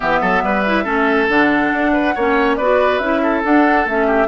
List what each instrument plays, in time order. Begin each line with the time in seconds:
0.00 bassoon E3, clarinet B3, oboe G4, flute E5
0.21 bassoon F#3, oboe A4
0.42 bassoon G3, oboe B4
0.66 clarinet E4
0.83 bassoon A3, clarinet C#4, oboe A4
1.28 bassoon D3, clarinet D4, flute F#5
1.72 bassoon D4
1.93 oboe B4
2.14 bassoon A#3, clarinet C#4, oboe C#5
2.55 bassoon B3, clarinet F#4, oboe B4, flute D5
2.98 bassoon C#4, clarinet E4, flute E5
3.22 oboe A4
3.44 clarinet D4, bassoon D4, flute F#5
3.85 bassoon A3, clarinet C#4, flute E5
4.06 oboe G4